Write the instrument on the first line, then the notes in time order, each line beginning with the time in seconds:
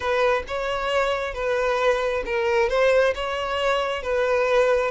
violin
0.00 B4
0.47 C#5
1.34 B4
2.25 A#4
2.69 C5
3.14 C#5
4.02 B4